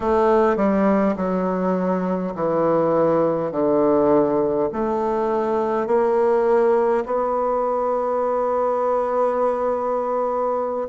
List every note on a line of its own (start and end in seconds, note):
0.00 0.56 A3
0.56 1.15 G3
1.16 2.34 F#3
2.34 3.51 E3
3.51 4.69 D3
4.72 5.87 A3
5.87 7.04 A#3
7.05 10.88 B3